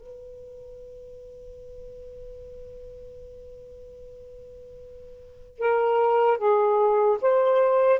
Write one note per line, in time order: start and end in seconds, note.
0.00 5.59 B4
5.59 6.38 A#4
6.38 7.18 G#4
7.22 8.00 C5